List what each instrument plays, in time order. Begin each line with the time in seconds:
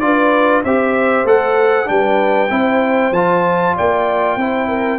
0.00 tuba D4, trombone F4, horn B4, trumpet D5
0.64 tuba C4, trombone G4, horn C5, trumpet E5
1.24 tuba A3, trombone A4, trumpet F#5
1.85 tuba G3, trombone D4, horn B4, trumpet G5
2.50 tuba C4, trombone E4, horn C5
3.12 tuba F3, trombone F4, trumpet A5
3.76 tuba A#3, horn D5, trumpet G5
4.36 tuba C4, trombone E4, horn C5
4.68 horn A#4